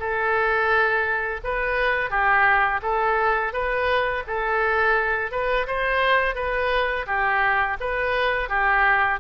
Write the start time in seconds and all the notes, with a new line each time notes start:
0.00 A4
1.44 B4
2.10 G4
2.83 A4
3.53 B4
4.27 A4
5.32 B4
5.67 C5
6.36 B4
7.07 G4
7.81 B4
8.49 G4